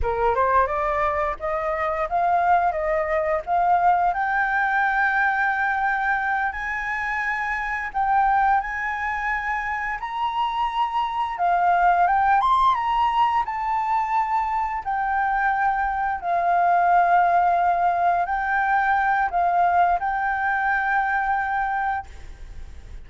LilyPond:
\new Staff \with { instrumentName = "flute" } { \time 4/4 \tempo 4 = 87 ais'8 c''8 d''4 dis''4 f''4 | dis''4 f''4 g''2~ | g''4. gis''2 g''8~ | g''8 gis''2 ais''4.~ |
ais''8 f''4 g''8 c'''8 ais''4 a''8~ | a''4. g''2 f''8~ | f''2~ f''8 g''4. | f''4 g''2. | }